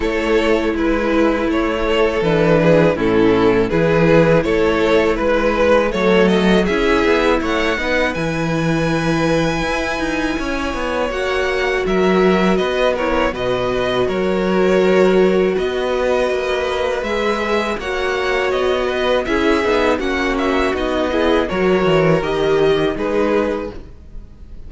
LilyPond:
<<
  \new Staff \with { instrumentName = "violin" } { \time 4/4 \tempo 4 = 81 cis''4 b'4 cis''4 b'4 | a'4 b'4 cis''4 b'4 | cis''8 dis''8 e''4 fis''4 gis''4~ | gis''2. fis''4 |
e''4 dis''8 cis''8 dis''4 cis''4~ | cis''4 dis''2 e''4 | fis''4 dis''4 e''4 fis''8 e''8 | dis''4 cis''4 dis''4 b'4 | }
  \new Staff \with { instrumentName = "violin" } { \time 4/4 a'4 e'4. a'4 gis'8 | e'4 gis'4 a'4 b'4 | a'4 gis'4 cis''8 b'4.~ | b'2 cis''2 |
ais'4 b'8 ais'8 b'4 ais'4~ | ais'4 b'2. | cis''4. b'8 gis'4 fis'4~ | fis'8 gis'8 ais'2 gis'4 | }
  \new Staff \with { instrumentName = "viola" } { \time 4/4 e'2. d'4 | cis'4 e'2. | a4 e'4. dis'8 e'4~ | e'2. fis'4~ |
fis'4. e'8 fis'2~ | fis'2. gis'4 | fis'2 e'8 dis'8 cis'4 | dis'8 e'8 fis'4 g'4 dis'4 | }
  \new Staff \with { instrumentName = "cello" } { \time 4/4 a4 gis4 a4 e4 | a,4 e4 a4 gis4 | fis4 cis'8 b8 a8 b8 e4~ | e4 e'8 dis'8 cis'8 b8 ais4 |
fis4 b4 b,4 fis4~ | fis4 b4 ais4 gis4 | ais4 b4 cis'8 b8 ais4 | b4 fis8 e8 dis4 gis4 | }
>>